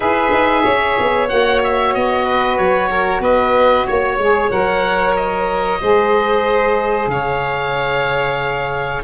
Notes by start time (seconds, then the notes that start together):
0.00 E4 G#4 B4 E5
0.32 D#4
0.63 C#4 C#5
0.99 B3
1.28 A#3 F#4 F#5
1.63 E5
1.94 B3 D#5
2.24 B4
2.57 F#3 C#5
2.90 A#4
3.19 B3 B4 D#5
3.86 A#3 C#5
4.17 G#3 G#4
4.50 F#3 A#4 F#5
5.15 D#5
5.81 G#3 G#4 C5
7.06 C#3 C#5 F5